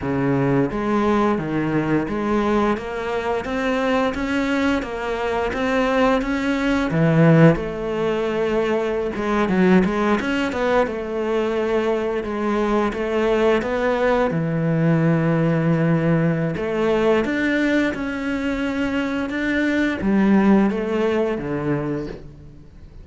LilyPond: \new Staff \with { instrumentName = "cello" } { \time 4/4 \tempo 4 = 87 cis4 gis4 dis4 gis4 | ais4 c'4 cis'4 ais4 | c'4 cis'4 e4 a4~ | a4~ a16 gis8 fis8 gis8 cis'8 b8 a16~ |
a4.~ a16 gis4 a4 b16~ | b8. e2.~ e16 | a4 d'4 cis'2 | d'4 g4 a4 d4 | }